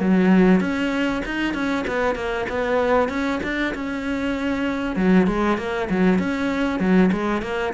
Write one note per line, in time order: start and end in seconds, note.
0.00 0.60 F#3
0.60 1.22 C#4
1.25 1.54 D#4
1.54 1.85 C#4
1.87 2.15 B3
2.15 2.46 A#3
2.49 3.09 B3
3.09 3.40 C#4
3.43 3.74 D4
3.75 4.96 C#4
4.96 5.27 F#3
5.27 5.57 G#3
5.57 5.88 A#3
5.90 6.19 F#3
6.19 6.79 C#4
6.79 7.10 F#3
7.12 7.42 G#3
7.42 7.73 A#3